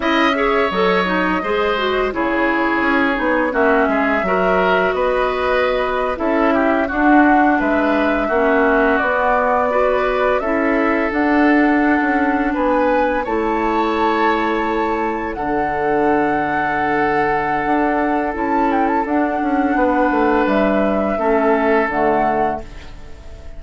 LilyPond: <<
  \new Staff \with { instrumentName = "flute" } { \time 4/4 \tempo 4 = 85 e''4 dis''2 cis''4~ | cis''4 e''2 dis''4~ | dis''8. e''4 fis''4 e''4~ e''16~ | e''8. d''2 e''4 fis''16~ |
fis''4.~ fis''16 gis''4 a''4~ a''16~ | a''4.~ a''16 fis''2~ fis''16~ | fis''2 a''8 g''16 a''16 fis''4~ | fis''4 e''2 fis''4 | }
  \new Staff \with { instrumentName = "oboe" } { \time 4/4 dis''8 cis''4. c''4 gis'4~ | gis'4 fis'8 gis'8 ais'4 b'4~ | b'8. a'8 g'8 fis'4 b'4 fis'16~ | fis'4.~ fis'16 b'4 a'4~ a'16~ |
a'4.~ a'16 b'4 cis''4~ cis''16~ | cis''4.~ cis''16 a'2~ a'16~ | a'1 | b'2 a'2 | }
  \new Staff \with { instrumentName = "clarinet" } { \time 4/4 e'8 gis'8 a'8 dis'8 gis'8 fis'8 e'4~ | e'8 dis'8 cis'4 fis'2~ | fis'8. e'4 d'2 cis'16~ | cis'8. b4 fis'4 e'4 d'16~ |
d'2~ d'8. e'4~ e'16~ | e'4.~ e'16 d'2~ d'16~ | d'2 e'4 d'4~ | d'2 cis'4 a4 | }
  \new Staff \with { instrumentName = "bassoon" } { \time 4/4 cis'4 fis4 gis4 cis4 | cis'8 b8 ais8 gis8 fis4 b4~ | b8. cis'4 d'4 gis4 ais16~ | ais8. b2 cis'4 d'16~ |
d'4 cis'8. b4 a4~ a16~ | a4.~ a16 d2~ d16~ | d4 d'4 cis'4 d'8 cis'8 | b8 a8 g4 a4 d4 | }
>>